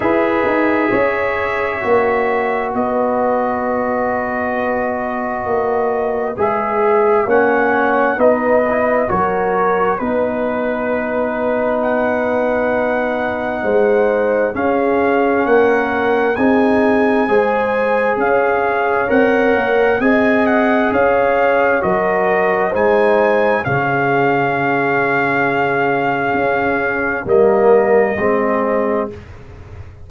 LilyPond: <<
  \new Staff \with { instrumentName = "trumpet" } { \time 4/4 \tempo 4 = 66 e''2. dis''4~ | dis''2. e''4 | fis''4 dis''4 cis''4 b'4~ | b'4 fis''2. |
f''4 fis''4 gis''2 | f''4 fis''4 gis''8 fis''8 f''4 | dis''4 gis''4 f''2~ | f''2 dis''2 | }
  \new Staff \with { instrumentName = "horn" } { \time 4/4 b'4 cis''2 b'4~ | b'1 | cis''4 b'4 ais'4 b'4~ | b'2. c''4 |
gis'4 ais'4 gis'4 c''4 | cis''2 dis''4 cis''4 | ais'4 c''4 gis'2~ | gis'2 ais'4 gis'4 | }
  \new Staff \with { instrumentName = "trombone" } { \time 4/4 gis'2 fis'2~ | fis'2. gis'4 | cis'4 dis'8 e'8 fis'4 dis'4~ | dis'1 |
cis'2 dis'4 gis'4~ | gis'4 ais'4 gis'2 | fis'4 dis'4 cis'2~ | cis'2 ais4 c'4 | }
  \new Staff \with { instrumentName = "tuba" } { \time 4/4 e'8 dis'8 cis'4 ais4 b4~ | b2 ais4 gis4 | ais4 b4 fis4 b4~ | b2. gis4 |
cis'4 ais4 c'4 gis4 | cis'4 c'8 ais8 c'4 cis'4 | fis4 gis4 cis2~ | cis4 cis'4 g4 gis4 | }
>>